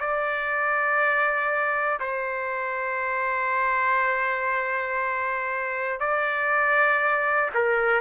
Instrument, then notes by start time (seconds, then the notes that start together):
trumpet
0.00 D5
2.00 C5
6.00 D5
7.55 A#4